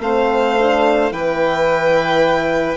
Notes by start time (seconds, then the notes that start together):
0.00 A3 C4 C5 F5
0.58 D4
1.11 E3 E4 B4 G5